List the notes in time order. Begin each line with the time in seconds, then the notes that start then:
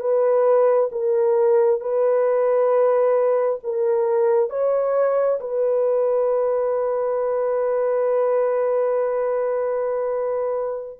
0.00 B4
0.92 A#4
1.80 B4
3.63 A#4
4.49 C#5
5.40 B4